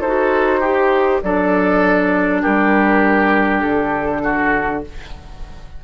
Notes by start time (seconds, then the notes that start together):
0.00 D#4 F#4 A4 C5
0.60 G4
1.22 F#3 D4 A4 D5
2.42 G3 G4 A#4
3.61 D3 A4
4.23 F#4